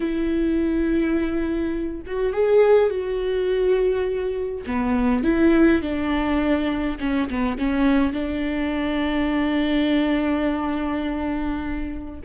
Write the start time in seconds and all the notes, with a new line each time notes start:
0.00 E4
2.06 F#4
2.32 G#4
2.89 F#4
4.66 B3
5.23 E4
5.82 D4
6.99 C#4
7.29 B3
7.58 C#4
8.12 D4